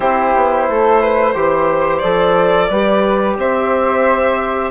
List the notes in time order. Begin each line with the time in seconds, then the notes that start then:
0.00 C4 E4 G4 C5
0.35 B3
0.68 A3 A4
1.01 B4
1.32 E3 G4 C5
1.99 F3 A4 D5
2.69 G3 G4 B4
3.37 C4 C5 E5